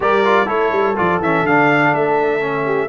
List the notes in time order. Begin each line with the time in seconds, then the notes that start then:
0.00 G3 G4 A#4 D5
0.25 F4
0.46 A3 E4 A4 C#5
0.72 G3
0.96 F3 F4 D5
1.19 E3 C#4 E5
1.42 D3 D4 F5
1.93 A3 E5
2.40 C#4
2.65 G4